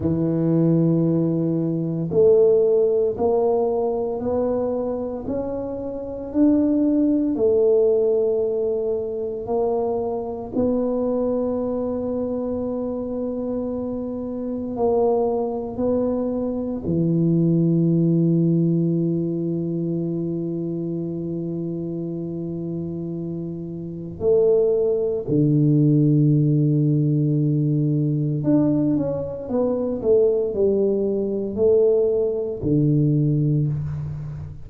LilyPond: \new Staff \with { instrumentName = "tuba" } { \time 4/4 \tempo 4 = 57 e2 a4 ais4 | b4 cis'4 d'4 a4~ | a4 ais4 b2~ | b2 ais4 b4 |
e1~ | e2. a4 | d2. d'8 cis'8 | b8 a8 g4 a4 d4 | }